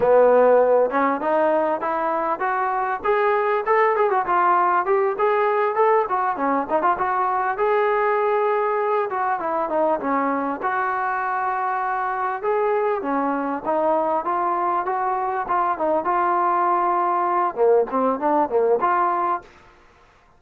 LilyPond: \new Staff \with { instrumentName = "trombone" } { \time 4/4 \tempo 4 = 99 b4. cis'8 dis'4 e'4 | fis'4 gis'4 a'8 gis'16 fis'16 f'4 | g'8 gis'4 a'8 fis'8 cis'8 dis'16 f'16 fis'8~ | fis'8 gis'2~ gis'8 fis'8 e'8 |
dis'8 cis'4 fis'2~ fis'8~ | fis'8 gis'4 cis'4 dis'4 f'8~ | f'8 fis'4 f'8 dis'8 f'4.~ | f'4 ais8 c'8 d'8 ais8 f'4 | }